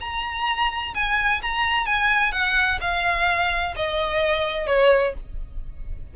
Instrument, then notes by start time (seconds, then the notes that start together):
violin
0.00 A#5
0.94 G#5
1.41 A#5
1.86 G#5
2.32 F#5
2.80 F5
3.76 D#5
4.67 C#5